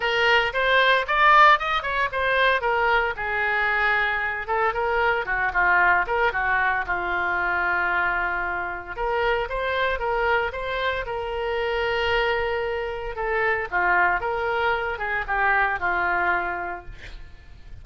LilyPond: \new Staff \with { instrumentName = "oboe" } { \time 4/4 \tempo 4 = 114 ais'4 c''4 d''4 dis''8 cis''8 | c''4 ais'4 gis'2~ | gis'8 a'8 ais'4 fis'8 f'4 ais'8 | fis'4 f'2.~ |
f'4 ais'4 c''4 ais'4 | c''4 ais'2.~ | ais'4 a'4 f'4 ais'4~ | ais'8 gis'8 g'4 f'2 | }